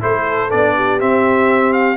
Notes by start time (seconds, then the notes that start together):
0.00 A3 E4 A4 C5
0.50 B3 D4 D5
0.75 G4
0.99 C4 E5
1.73 F5